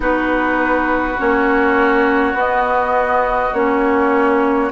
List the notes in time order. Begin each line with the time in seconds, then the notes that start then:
0.00 B3 D#4 F#4 B4
1.18 A#3 C#4 C#5
2.33 B3 D#5
3.53 A#3 C#4 C#5